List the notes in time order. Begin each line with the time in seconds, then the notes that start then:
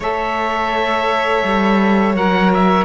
0.00 A3 A4 C#5 E5
1.43 G3
2.14 F#3 A#4 F#5
2.53 E5